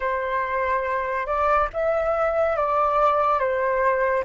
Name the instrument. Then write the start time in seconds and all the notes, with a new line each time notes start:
flute
0.00 C5
1.26 D5
1.73 E5
2.56 D5
3.39 C5